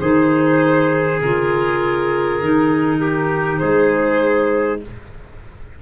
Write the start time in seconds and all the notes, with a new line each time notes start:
0.00 D#3 D#4 G#4 C5
1.21 C#3 F4 A#4
2.41 D#3 D#4
3.00 G4
3.58 G#3 G#4 C5